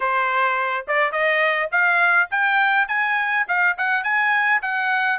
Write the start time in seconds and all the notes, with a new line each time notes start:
0.00 C5
0.87 D5
1.11 D#5
1.71 F5
2.30 G5
2.88 G#5
3.48 F5
3.77 F#5
4.03 G#5
4.62 F#5